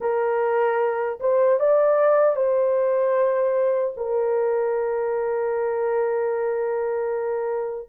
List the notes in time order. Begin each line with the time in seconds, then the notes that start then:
0.00 A#4
1.19 C5
1.59 D5
2.35 C5
3.96 A#4